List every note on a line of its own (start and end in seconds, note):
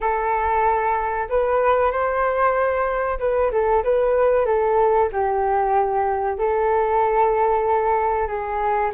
0.00 1.28 A4
1.29 1.91 B4
1.91 3.18 C5
3.19 3.51 B4
3.51 3.83 A4
3.83 4.45 B4
4.45 5.09 A4
5.12 6.38 G4
6.38 8.27 A4
8.27 8.91 G#4